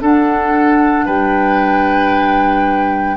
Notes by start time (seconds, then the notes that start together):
0.00 D4 A4 F#5
1.05 G3 B4 G5